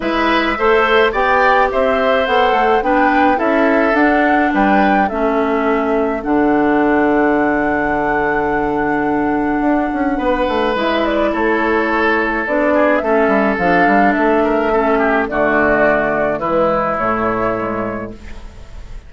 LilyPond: <<
  \new Staff \with { instrumentName = "flute" } { \time 4/4 \tempo 4 = 106 e''2 g''4 e''4 | fis''4 g''4 e''4 fis''4 | g''4 e''2 fis''4~ | fis''1~ |
fis''2. e''8 d''8 | cis''2 d''4 e''4 | f''4 e''2 d''4~ | d''4 b'4 cis''2 | }
  \new Staff \with { instrumentName = "oboe" } { \time 4/4 b'4 c''4 d''4 c''4~ | c''4 b'4 a'2 | b'4 a'2.~ | a'1~ |
a'2 b'2 | a'2~ a'8 gis'8 a'4~ | a'4. ais'8 a'8 g'8 fis'4~ | fis'4 e'2. | }
  \new Staff \with { instrumentName = "clarinet" } { \time 4/4 e'4 a'4 g'2 | a'4 d'4 e'4 d'4~ | d'4 cis'2 d'4~ | d'1~ |
d'2. e'4~ | e'2 d'4 cis'4 | d'2 cis'4 a4~ | a4 gis4 a4 gis4 | }
  \new Staff \with { instrumentName = "bassoon" } { \time 4/4 gis4 a4 b4 c'4 | b8 a8 b4 cis'4 d'4 | g4 a2 d4~ | d1~ |
d4 d'8 cis'8 b8 a8 gis4 | a2 b4 a8 g8 | f8 g8 a2 d4~ | d4 e4 a,2 | }
>>